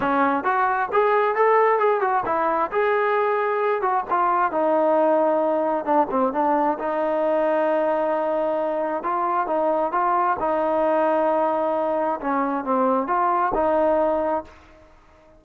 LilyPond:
\new Staff \with { instrumentName = "trombone" } { \time 4/4 \tempo 4 = 133 cis'4 fis'4 gis'4 a'4 | gis'8 fis'8 e'4 gis'2~ | gis'8 fis'8 f'4 dis'2~ | dis'4 d'8 c'8 d'4 dis'4~ |
dis'1 | f'4 dis'4 f'4 dis'4~ | dis'2. cis'4 | c'4 f'4 dis'2 | }